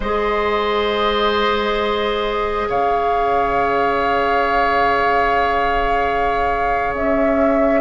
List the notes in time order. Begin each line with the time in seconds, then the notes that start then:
0.00 G#3 G#4 C5 D#5
2.69 C#3 C#5 F5
6.94 C#4 E5